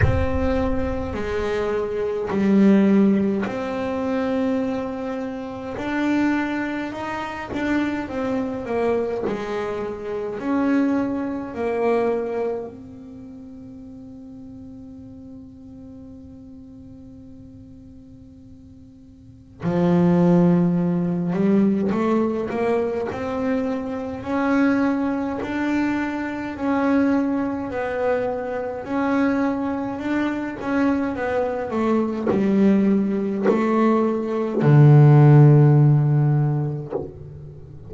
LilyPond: \new Staff \with { instrumentName = "double bass" } { \time 4/4 \tempo 4 = 52 c'4 gis4 g4 c'4~ | c'4 d'4 dis'8 d'8 c'8 ais8 | gis4 cis'4 ais4 c'4~ | c'1~ |
c'4 f4. g8 a8 ais8 | c'4 cis'4 d'4 cis'4 | b4 cis'4 d'8 cis'8 b8 a8 | g4 a4 d2 | }